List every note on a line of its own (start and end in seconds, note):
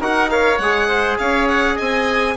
0.00 0.59 D#4
0.00 0.30 F#4
0.00 0.30 A#4
0.00 0.30 F#5
0.30 0.59 A#4
0.30 0.88 C#5
0.30 0.58 F5
0.58 1.18 G#3
0.58 2.37 G#4
0.58 1.17 F#5
0.88 1.18 C5
1.19 1.79 C#4
1.19 1.76 C#5
1.19 1.48 F5
1.48 1.78 F#5
1.76 2.37 C4
1.76 2.34 D#5
1.76 2.37 G#5